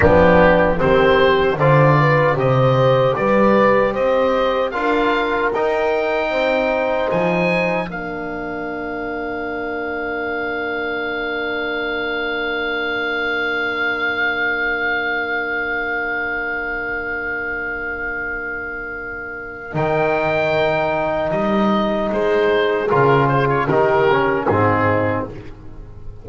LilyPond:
<<
  \new Staff \with { instrumentName = "oboe" } { \time 4/4 \tempo 4 = 76 g'4 c''4 d''4 dis''4 | d''4 dis''4 f''4 g''4~ | g''4 gis''4 f''2~ | f''1~ |
f''1~ | f''1~ | f''4 g''2 dis''4 | c''4 ais'8 c''16 cis''16 ais'4 gis'4 | }
  \new Staff \with { instrumentName = "horn" } { \time 4/4 d'4 g'4 c''8 b'8 c''4 | b'4 c''4 ais'2 | c''2 ais'2~ | ais'1~ |
ais'1~ | ais'1~ | ais'1 | gis'2 g'4 dis'4 | }
  \new Staff \with { instrumentName = "trombone" } { \time 4/4 b4 c'4 f'4 g'4~ | g'2 f'4 dis'4~ | dis'2 d'2~ | d'1~ |
d'1~ | d'1~ | d'4 dis'2.~ | dis'4 f'4 dis'8 cis'8 c'4 | }
  \new Staff \with { instrumentName = "double bass" } { \time 4/4 f4 dis4 d4 c4 | g4 c'4 d'4 dis'4 | c'4 f4 ais2~ | ais1~ |
ais1~ | ais1~ | ais4 dis2 g4 | gis4 cis4 dis4 gis,4 | }
>>